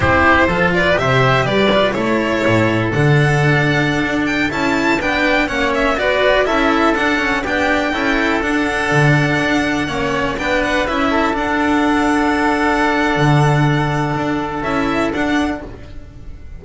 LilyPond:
<<
  \new Staff \with { instrumentName = "violin" } { \time 4/4 \tempo 4 = 123 c''4. d''8 e''4 d''4 | cis''2 fis''2~ | fis''8. g''8 a''4 g''4 fis''8 e''16~ | e''16 d''4 e''4 fis''4 g''8.~ |
g''4~ g''16 fis''2~ fis''8.~ | fis''4~ fis''16 g''8 fis''8 e''4 fis''8.~ | fis''1~ | fis''2 e''4 fis''4 | }
  \new Staff \with { instrumentName = "oboe" } { \time 4/4 g'4 a'8 b'8 c''4 b'4 | a'1~ | a'2~ a'16 b'4 cis''8.~ | cis''16 b'4 a'2 g'8.~ |
g'16 a'2.~ a'8.~ | a'16 cis''4 b'4. a'4~ a'16~ | a'1~ | a'1 | }
  \new Staff \with { instrumentName = "cello" } { \time 4/4 e'4 f'4 g'4. f'8 | e'2 d'2~ | d'4~ d'16 e'4 d'4 cis'8.~ | cis'16 fis'4 e'4 d'8 cis'8 d'8.~ |
d'16 e'4 d'2~ d'8.~ | d'16 cis'4 d'4 e'4 d'8.~ | d'1~ | d'2 e'4 d'4 | }
  \new Staff \with { instrumentName = "double bass" } { \time 4/4 c'4 f4 c4 g4 | a4 a,4 d2~ | d16 d'4 cis'4 b4 ais8.~ | ais16 b4 cis'4 d'4 b8.~ |
b16 cis'4 d'4 d4 d'8.~ | d'16 ais4 b4 cis'4 d'8.~ | d'2. d4~ | d4 d'4 cis'4 d'4 | }
>>